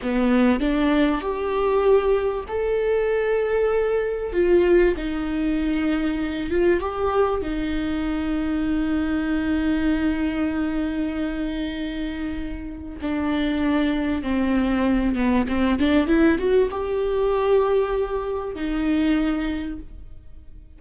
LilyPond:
\new Staff \with { instrumentName = "viola" } { \time 4/4 \tempo 4 = 97 b4 d'4 g'2 | a'2. f'4 | dis'2~ dis'8 f'8 g'4 | dis'1~ |
dis'1~ | dis'4 d'2 c'4~ | c'8 b8 c'8 d'8 e'8 fis'8 g'4~ | g'2 dis'2 | }